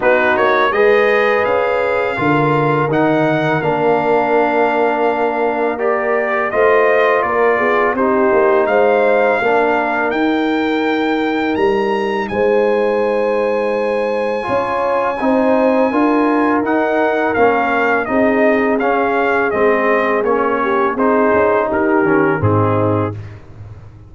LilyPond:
<<
  \new Staff \with { instrumentName = "trumpet" } { \time 4/4 \tempo 4 = 83 b'8 cis''8 dis''4 f''2 | fis''4 f''2. | d''4 dis''4 d''4 c''4 | f''2 g''2 |
ais''4 gis''2.~ | gis''2. fis''4 | f''4 dis''4 f''4 dis''4 | cis''4 c''4 ais'4 gis'4 | }
  \new Staff \with { instrumentName = "horn" } { \time 4/4 fis'4 b'2 ais'4~ | ais'1~ | ais'4 c''4 ais'8 gis'8 g'4 | c''4 ais'2.~ |
ais'4 c''2. | cis''4 c''4 ais'2~ | ais'4 gis'2.~ | gis'8 g'8 gis'4 g'4 dis'4 | }
  \new Staff \with { instrumentName = "trombone" } { \time 4/4 dis'4 gis'2 f'4 | dis'4 d'2. | g'4 f'2 dis'4~ | dis'4 d'4 dis'2~ |
dis'1 | f'4 dis'4 f'4 dis'4 | cis'4 dis'4 cis'4 c'4 | cis'4 dis'4. cis'8 c'4 | }
  \new Staff \with { instrumentName = "tuba" } { \time 4/4 b8 ais8 gis4 cis'4 d4 | dis4 ais2.~ | ais4 a4 ais8 b8 c'8 ais8 | gis4 ais4 dis'2 |
g4 gis2. | cis'4 c'4 d'4 dis'4 | ais4 c'4 cis'4 gis4 | ais4 c'8 cis'8 dis'8 dis8 gis,4 | }
>>